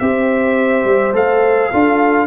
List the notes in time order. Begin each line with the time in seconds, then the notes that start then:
0.00 C4 G4 C5 E5
0.85 G3
1.14 A3 A4 F5
1.71 D4 F4 A4